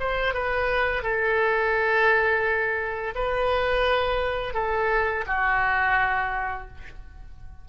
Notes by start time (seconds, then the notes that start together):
0.00 C5
0.34 B4
1.03 A4
3.15 B4
4.54 A4
5.27 F#4